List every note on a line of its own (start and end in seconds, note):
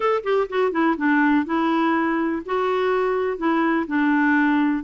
0.00 0.22 A4
0.23 0.47 G4
0.49 0.71 F#4
0.71 0.95 E4
0.97 1.45 D4
1.45 2.42 E4
2.45 3.37 F#4
3.37 3.86 E4
3.87 4.83 D4